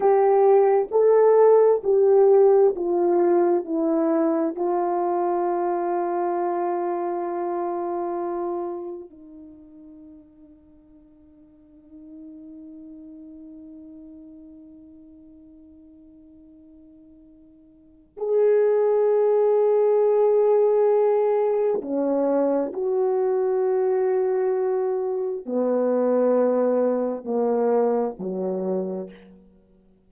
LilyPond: \new Staff \with { instrumentName = "horn" } { \time 4/4 \tempo 4 = 66 g'4 a'4 g'4 f'4 | e'4 f'2.~ | f'2 dis'2~ | dis'1~ |
dis'1 | gis'1 | cis'4 fis'2. | b2 ais4 fis4 | }